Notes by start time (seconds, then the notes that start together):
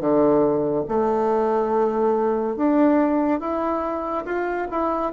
0.00 D3
0.88 A3
2.56 D4
3.40 E4
4.25 F4
4.71 E4